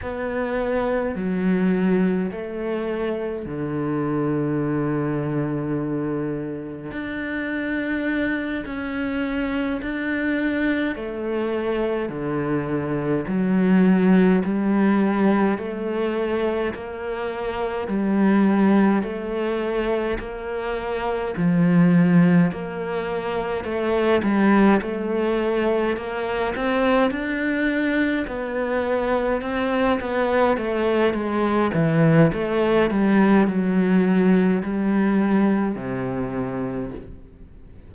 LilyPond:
\new Staff \with { instrumentName = "cello" } { \time 4/4 \tempo 4 = 52 b4 fis4 a4 d4~ | d2 d'4. cis'8~ | cis'8 d'4 a4 d4 fis8~ | fis8 g4 a4 ais4 g8~ |
g8 a4 ais4 f4 ais8~ | ais8 a8 g8 a4 ais8 c'8 d'8~ | d'8 b4 c'8 b8 a8 gis8 e8 | a8 g8 fis4 g4 c4 | }